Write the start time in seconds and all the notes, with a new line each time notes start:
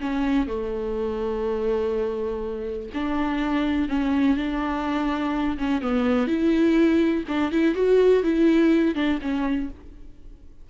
0.00 C#4
0.47 A3
2.94 D4
3.88 C#4
4.36 D4
5.58 C#4
5.81 B3
6.27 E4
7.28 D4
7.51 E4
7.74 F#4
8.23 E4
8.94 D4
9.21 C#4